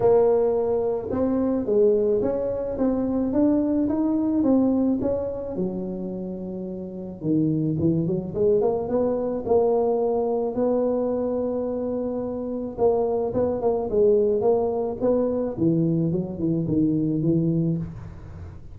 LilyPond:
\new Staff \with { instrumentName = "tuba" } { \time 4/4 \tempo 4 = 108 ais2 c'4 gis4 | cis'4 c'4 d'4 dis'4 | c'4 cis'4 fis2~ | fis4 dis4 e8 fis8 gis8 ais8 |
b4 ais2 b4~ | b2. ais4 | b8 ais8 gis4 ais4 b4 | e4 fis8 e8 dis4 e4 | }